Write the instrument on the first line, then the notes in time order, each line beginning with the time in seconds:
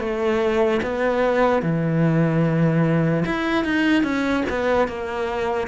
cello
0.00 A3
0.83 B3
1.63 E3
3.25 E4
3.64 D#4
4.03 C#4
4.49 B3
4.88 A#3